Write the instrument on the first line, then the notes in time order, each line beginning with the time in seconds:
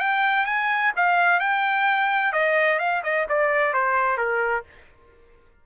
trumpet
0.00 G5
0.46 G#5
0.96 F5
1.40 G5
2.33 D#5
2.79 F5
3.04 D#5
3.29 D5
3.74 C5
4.18 A#4